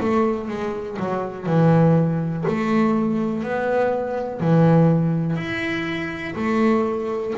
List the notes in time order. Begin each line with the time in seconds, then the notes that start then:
0.00 A3
0.48 G#3
0.99 F#3
1.46 E3
2.47 A3
3.43 B3
4.40 E3
5.36 E4
6.35 A3